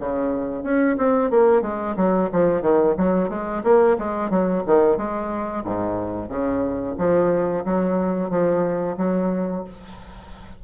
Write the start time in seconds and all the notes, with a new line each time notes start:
0.00 C#3
0.64 C#4
0.98 C4
1.31 A#3
1.62 G#3
1.97 F#3
2.33 F3
2.62 D#3
2.98 F#3
3.29 G#3
3.64 A#3
3.99 G#3
4.30 F#3
4.67 D#3
4.98 G#3
5.65 G#2
6.29 C#3
6.98 F3
7.65 F#3
8.31 F3
8.98 F#3